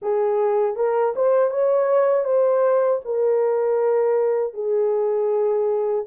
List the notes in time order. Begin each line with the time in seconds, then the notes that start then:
0.01 G#4
0.76 A#4
1.15 C5
1.50 C#5
2.24 C5
3.04 A#4
4.53 G#4